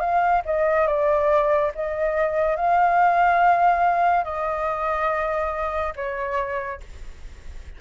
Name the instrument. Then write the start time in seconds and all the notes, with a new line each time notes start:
flute
0.00 F5
0.46 D#5
0.87 D5
1.75 D#5
2.57 F5
4.24 D#5
5.96 C#5